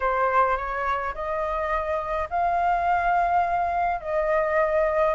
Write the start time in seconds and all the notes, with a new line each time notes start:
0.00 C5
0.56 C#5
1.14 D#5
2.30 F5
4.00 D#5